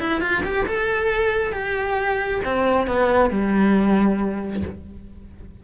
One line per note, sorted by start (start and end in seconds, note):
0.00 0.21 E4
0.21 0.43 F4
0.44 0.66 G4
0.67 1.53 A4
1.53 2.41 G4
2.45 2.87 C4
2.87 3.30 B3
3.30 4.63 G3